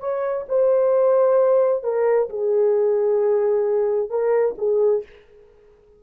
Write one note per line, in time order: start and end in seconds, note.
0.00 0.45 C#5
0.49 1.83 C5
1.83 2.29 A#4
2.30 4.10 G#4
4.10 4.55 A#4
4.58 5.03 G#4